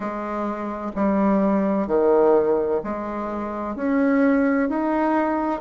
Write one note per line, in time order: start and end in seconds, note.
0.00 0.91 G#3
0.95 1.87 G3
1.87 2.81 D#3
2.83 3.75 G#3
3.75 4.69 C#4
4.69 5.60 D#4